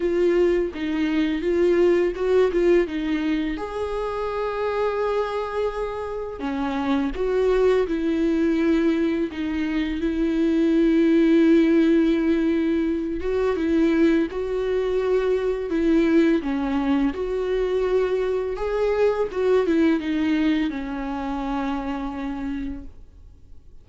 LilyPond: \new Staff \with { instrumentName = "viola" } { \time 4/4 \tempo 4 = 84 f'4 dis'4 f'4 fis'8 f'8 | dis'4 gis'2.~ | gis'4 cis'4 fis'4 e'4~ | e'4 dis'4 e'2~ |
e'2~ e'8 fis'8 e'4 | fis'2 e'4 cis'4 | fis'2 gis'4 fis'8 e'8 | dis'4 cis'2. | }